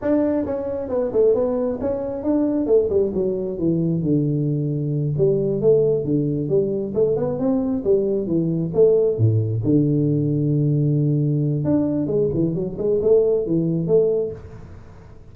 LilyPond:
\new Staff \with { instrumentName = "tuba" } { \time 4/4 \tempo 4 = 134 d'4 cis'4 b8 a8 b4 | cis'4 d'4 a8 g8 fis4 | e4 d2~ d8 g8~ | g8 a4 d4 g4 a8 |
b8 c'4 g4 e4 a8~ | a8 a,4 d2~ d8~ | d2 d'4 gis8 e8 | fis8 gis8 a4 e4 a4 | }